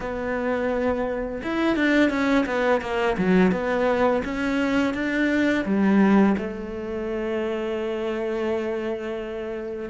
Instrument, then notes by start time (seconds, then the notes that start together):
cello
0.00 B3
1.42 E4
1.76 D4
2.10 C#4
2.45 B3
2.81 A#3
3.17 F#3
3.51 B3
4.24 C#4
4.94 D4
5.65 G3
6.37 A3